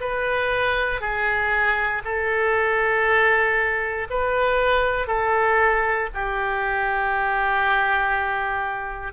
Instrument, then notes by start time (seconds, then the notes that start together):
oboe
0.00 B4
1.00 G#4
2.04 A4
4.10 B4
5.07 A4
6.13 G4